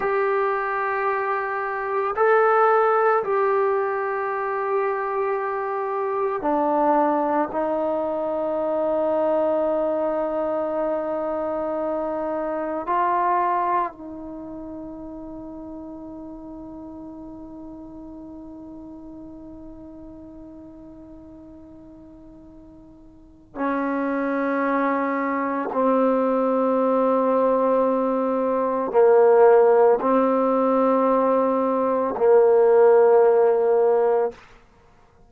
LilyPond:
\new Staff \with { instrumentName = "trombone" } { \time 4/4 \tempo 4 = 56 g'2 a'4 g'4~ | g'2 d'4 dis'4~ | dis'1 | f'4 dis'2.~ |
dis'1~ | dis'2 cis'2 | c'2. ais4 | c'2 ais2 | }